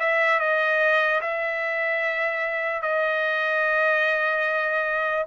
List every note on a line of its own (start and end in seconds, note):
0.00 0.40 E5
0.40 1.21 D#5
1.22 2.82 E5
2.82 5.26 D#5